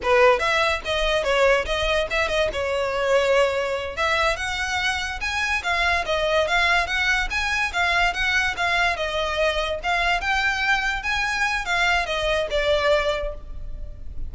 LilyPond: \new Staff \with { instrumentName = "violin" } { \time 4/4 \tempo 4 = 144 b'4 e''4 dis''4 cis''4 | dis''4 e''8 dis''8 cis''2~ | cis''4. e''4 fis''4.~ | fis''8 gis''4 f''4 dis''4 f''8~ |
f''8 fis''4 gis''4 f''4 fis''8~ | fis''8 f''4 dis''2 f''8~ | f''8 g''2 gis''4. | f''4 dis''4 d''2 | }